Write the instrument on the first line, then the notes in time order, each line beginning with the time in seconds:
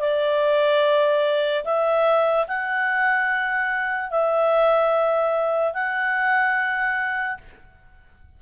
clarinet
0.00 D5
1.65 E5
2.47 F#5
4.11 E5
5.74 F#5